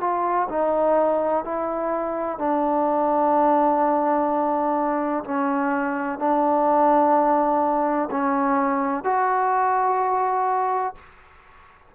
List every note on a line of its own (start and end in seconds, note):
0.00 0.48 F4
0.49 1.44 D#4
1.44 2.38 E4
2.38 5.24 D4
5.24 6.18 C#4
6.18 8.09 D4
8.10 9.04 C#4
9.04 10.94 F#4